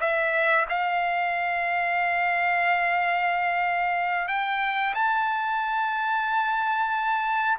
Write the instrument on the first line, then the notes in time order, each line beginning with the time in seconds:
trumpet
0.00 E5
0.69 F5
4.28 G5
4.95 A5